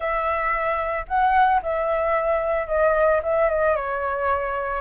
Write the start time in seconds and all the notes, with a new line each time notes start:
0.00 E5
1.07 F#5
1.62 E5
2.67 D#5
3.22 E5
3.49 D#5
3.75 C#5